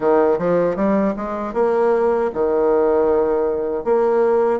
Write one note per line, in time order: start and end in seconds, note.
0.00 0.38 D#3
0.38 0.76 F3
0.76 1.14 G3
1.16 1.53 G#3
1.53 2.30 A#3
2.33 3.84 D#3
3.84 4.60 A#3